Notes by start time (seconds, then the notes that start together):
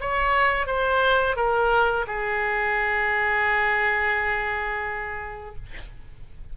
0.00 C#5
0.66 C5
1.36 A#4
2.07 G#4